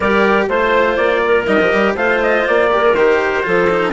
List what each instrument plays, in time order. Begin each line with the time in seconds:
0.00 bassoon G3, cello G4, clarinet A#4, trumpet D5
0.48 bassoon A3, cello F4, clarinet C5, trumpet C5
0.96 bassoon A#3, trumpet D5
1.25 clarinet A#4
1.46 bassoon G3, cello D#4, trumpet D#5
1.60 bassoon F3, cello G4
1.72 bassoon G3
1.95 bassoon A3, cello F4, clarinet C5, trumpet F5
2.22 trumpet D#5
2.47 bassoon A#3, trumpet D5
2.71 cello G4, clarinet A#4
2.81 cello G#4
2.94 bassoon D#3, cello G4, trumpet C5
3.43 bassoon F3, cello F4, clarinet A4
3.69 cello D#4